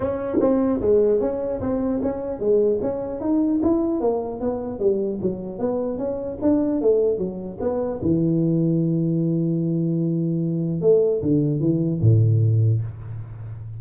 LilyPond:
\new Staff \with { instrumentName = "tuba" } { \time 4/4 \tempo 4 = 150 cis'4 c'4 gis4 cis'4 | c'4 cis'4 gis4 cis'4 | dis'4 e'4 ais4 b4 | g4 fis4 b4 cis'4 |
d'4 a4 fis4 b4 | e1~ | e2. a4 | d4 e4 a,2 | }